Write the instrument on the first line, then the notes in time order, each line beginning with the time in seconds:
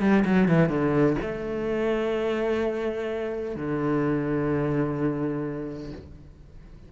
cello
0.00 G3
0.24 F#3
0.48 E3
0.69 D3
1.21 A3
3.55 D3